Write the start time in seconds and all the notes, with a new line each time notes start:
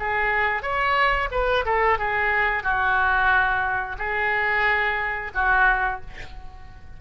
0.00 G#4
0.63 C#5
1.32 B4
1.66 A4
1.99 G#4
2.63 F#4
3.99 G#4
5.35 F#4